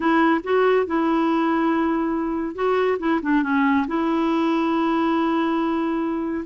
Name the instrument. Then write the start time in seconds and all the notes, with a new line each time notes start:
clarinet
0.00 E4
0.43 F#4
0.86 E4
2.55 F#4
2.99 E4
3.22 D4
3.43 C#4
3.87 E4